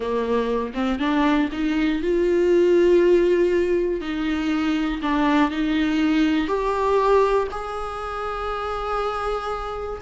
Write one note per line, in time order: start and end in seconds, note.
0.00 0.73 A#3
0.74 0.99 C4
0.99 1.49 D4
1.52 2.01 D#4
2.01 4.00 F4
4.00 5.00 D#4
5.02 5.50 D4
5.50 6.47 D#4
6.47 7.47 G4
7.51 10.01 G#4